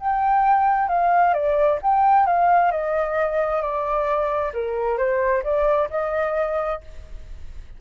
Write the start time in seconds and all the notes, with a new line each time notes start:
0.00 G5
0.88 F5
1.34 D5
1.82 G5
2.26 F5
2.71 D#5
3.62 D5
4.53 A#4
4.98 C5
5.44 D5
5.90 D#5